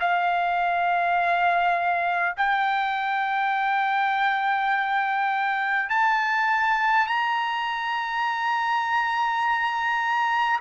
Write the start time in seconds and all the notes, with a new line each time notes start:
0.00 F5
2.36 G5
5.89 A5
7.06 A#5